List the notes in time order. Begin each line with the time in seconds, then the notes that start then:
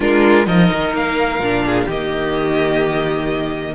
0.00 G#3 D4 F4 A#4
0.46 F3 D#4 A#4 D#5
0.71 D#3
0.93 A#3 F5
1.39 A#2 D4
1.65 G#4
1.85 D#3 A#3 G4 D#5